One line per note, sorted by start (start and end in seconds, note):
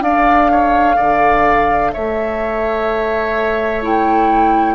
0.00 0.95 D4
0.00 3.81 A4
0.00 0.51 D5
0.00 1.92 F5
0.51 0.95 C#5
0.95 1.94 D3
0.95 1.91 D5
1.92 4.75 A3
1.92 4.75 C#5
1.92 3.83 E5
3.81 4.75 E4
3.81 4.75 G5